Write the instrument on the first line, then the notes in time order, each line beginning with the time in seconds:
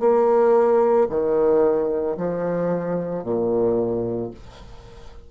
bassoon
0.00 A#3
1.10 D#3
2.17 F3
3.23 A#2